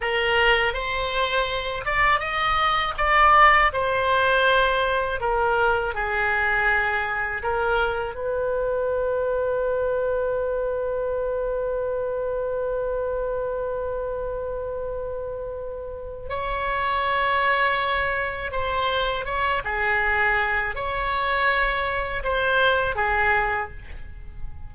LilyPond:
\new Staff \with { instrumentName = "oboe" } { \time 4/4 \tempo 4 = 81 ais'4 c''4. d''8 dis''4 | d''4 c''2 ais'4 | gis'2 ais'4 b'4~ | b'1~ |
b'1~ | b'2 cis''2~ | cis''4 c''4 cis''8 gis'4. | cis''2 c''4 gis'4 | }